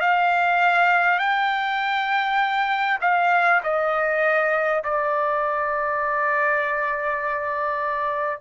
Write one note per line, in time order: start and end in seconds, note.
0.00 1.18 F5
1.18 2.98 G5
3.01 3.61 F5
3.63 4.83 D#5
4.84 8.41 D5